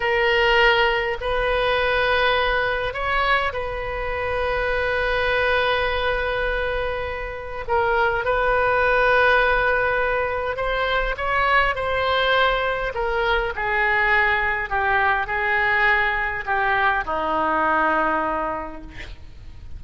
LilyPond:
\new Staff \with { instrumentName = "oboe" } { \time 4/4 \tempo 4 = 102 ais'2 b'2~ | b'4 cis''4 b'2~ | b'1~ | b'4 ais'4 b'2~ |
b'2 c''4 cis''4 | c''2 ais'4 gis'4~ | gis'4 g'4 gis'2 | g'4 dis'2. | }